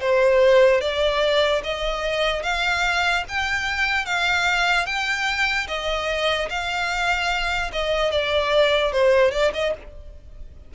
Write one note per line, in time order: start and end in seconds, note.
0.00 0.80 C5
0.80 1.61 D5
1.63 2.43 D#5
2.43 3.24 F5
3.28 4.05 G5
4.05 4.86 F5
4.86 5.67 G5
5.67 6.48 D#5
6.49 7.71 F5
7.72 8.11 D#5
8.11 8.92 D5
8.92 9.31 C5
9.31 9.51 D5
9.53 9.73 D#5